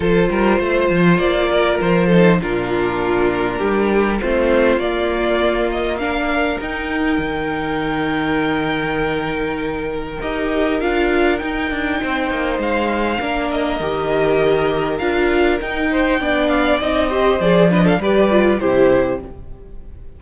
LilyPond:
<<
  \new Staff \with { instrumentName = "violin" } { \time 4/4 \tempo 4 = 100 c''2 d''4 c''4 | ais'2. c''4 | d''4. dis''8 f''4 g''4~ | g''1~ |
g''4 dis''4 f''4 g''4~ | g''4 f''4. dis''4.~ | dis''4 f''4 g''4. f''8 | dis''4 d''8 dis''16 f''16 d''4 c''4 | }
  \new Staff \with { instrumentName = "violin" } { \time 4/4 a'8 ais'8 c''4. ais'4 a'8 | f'2 g'4 f'4~ | f'2 ais'2~ | ais'1~ |
ais'1 | c''2 ais'2~ | ais'2~ ais'8 c''8 d''4~ | d''8 c''4 b'16 a'16 b'4 g'4 | }
  \new Staff \with { instrumentName = "viola" } { \time 4/4 f'2.~ f'8 dis'8 | d'2. c'4 | ais2 d'4 dis'4~ | dis'1~ |
dis'4 g'4 f'4 dis'4~ | dis'2 d'4 g'4~ | g'4 f'4 dis'4 d'4 | dis'8 g'8 gis'8 d'8 g'8 f'8 e'4 | }
  \new Staff \with { instrumentName = "cello" } { \time 4/4 f8 g8 a8 f8 ais4 f4 | ais,2 g4 a4 | ais2. dis'4 | dis1~ |
dis4 dis'4 d'4 dis'8 d'8 | c'8 ais8 gis4 ais4 dis4~ | dis4 d'4 dis'4 b4 | c'4 f4 g4 c4 | }
>>